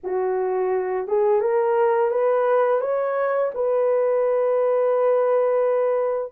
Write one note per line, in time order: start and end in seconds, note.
0.04 1.07 F#4
1.07 1.41 G#4
1.41 2.10 A#4
2.10 2.80 B4
2.80 3.51 C#5
3.54 6.32 B4